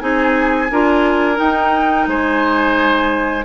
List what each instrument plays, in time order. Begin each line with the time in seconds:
0.00 bassoon C4, clarinet D#4, oboe G#4, flute G#5
0.71 bassoon D4, clarinet F4, oboe A#4
1.36 clarinet D#4, bassoon D#4, flute G5
2.07 bassoon G#3, oboe C5, flute G#5